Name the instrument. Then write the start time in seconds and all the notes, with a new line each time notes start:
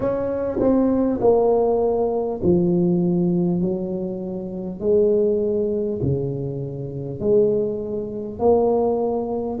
tuba
0.00 C#4
0.59 C4
1.20 A#3
2.43 F3
3.61 F#3
4.80 G#3
6.02 C#3
7.19 G#3
8.39 A#3